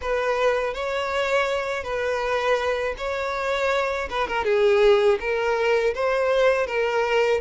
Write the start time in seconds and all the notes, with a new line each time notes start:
0.01 B4
0.74 C#5
1.83 B4
2.97 C#5
4.09 B4
4.27 A#4
4.44 G#4
5.20 A#4
5.94 C5
6.67 A#4